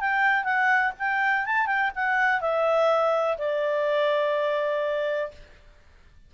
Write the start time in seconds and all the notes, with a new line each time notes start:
0.00 G5
0.44 F#5
0.99 G5
1.45 A5
1.66 G5
1.95 F#5
2.41 E5
3.38 D5